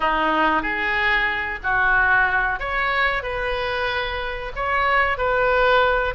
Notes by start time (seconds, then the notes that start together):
0.00 D#4
0.62 G#4
1.63 F#4
2.59 C#5
3.23 B4
4.55 C#5
5.17 B4